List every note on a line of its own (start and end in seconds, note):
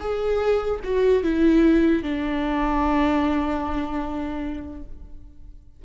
0.00 0.80 G#4
0.84 1.23 F#4
1.23 2.03 E4
2.03 4.83 D4